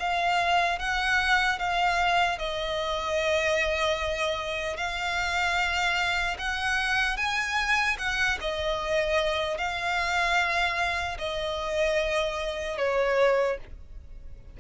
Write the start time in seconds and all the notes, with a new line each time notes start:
0.00 F5
0.79 F#5
1.59 F5
2.39 D#5
4.77 F5
6.39 F#5
7.17 G#5
7.99 F#5
8.41 D#5
9.58 F5
11.19 D#5
12.78 C#5